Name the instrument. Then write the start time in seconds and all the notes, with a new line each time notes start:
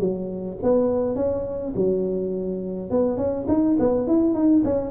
tuba
0.00 F#3
0.63 B3
1.16 C#4
1.76 F#3
2.91 B3
3.18 C#4
3.48 D#4
3.79 B3
4.08 E4
4.34 D#4
4.65 C#4